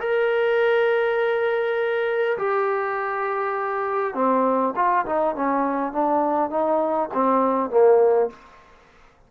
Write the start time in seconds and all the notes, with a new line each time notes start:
0.00 A#4
2.38 G4
4.14 C4
4.76 F4
5.05 D#4
5.35 C#4
5.92 D4
6.50 D#4
7.14 C4
7.70 A#3